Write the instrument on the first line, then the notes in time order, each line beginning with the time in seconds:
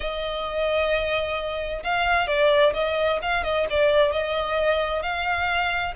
violin
0.00 D#5
1.83 F5
2.27 D5
2.73 D#5
3.22 F5
3.43 D#5
3.70 D5
4.12 D#5
5.02 F5